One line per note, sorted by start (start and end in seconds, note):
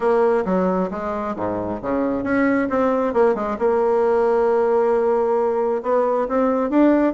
0.00 0.44 A#3
0.45 0.90 F#3
0.91 1.35 G#3
1.36 1.81 G#2
1.82 2.23 C#3
2.23 2.68 C#4
2.69 3.13 C4
3.13 3.34 A#3
3.34 3.57 G#3
3.58 5.82 A#3
5.82 6.27 B3
6.28 6.69 C4
6.69 7.13 D4